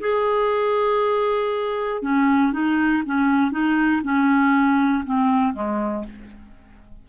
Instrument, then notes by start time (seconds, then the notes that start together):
clarinet
0.00 G#4
2.02 C#4
2.52 D#4
3.05 C#4
3.51 D#4
4.03 C#4
5.05 C4
5.54 G#3